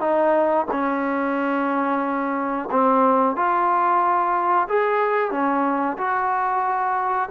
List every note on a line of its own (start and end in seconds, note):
0.00 0.66 D#4
0.71 2.69 C#4
2.71 3.36 C4
3.36 4.68 F4
4.68 5.31 G#4
5.31 5.97 C#4
5.97 7.29 F#4